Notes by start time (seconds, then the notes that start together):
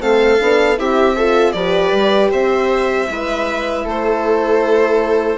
0.00 A3 C4 A4 F5
0.40 B3 D4
0.76 C4 E4 G4 E5
1.17 F4 A4
1.52 F3 G4 B4 D5
1.92 G3
2.31 C4 C5 E5
3.08 G#3 E4 B4
3.84 A3 A4 C5